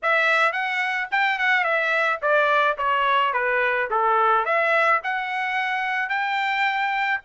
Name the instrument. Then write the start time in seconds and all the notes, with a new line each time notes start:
trumpet
0.02 E5
0.52 F#5
1.11 G5
1.38 F#5
1.63 E5
2.21 D5
2.77 C#5
3.33 B4
3.90 A4
4.45 E5
5.03 F#5
6.09 G5